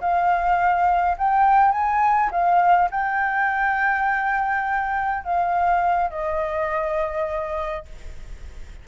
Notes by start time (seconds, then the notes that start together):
0.00 F5
1.18 G5
1.71 G#5
2.31 F5
2.91 G5
5.24 F5
6.10 D#5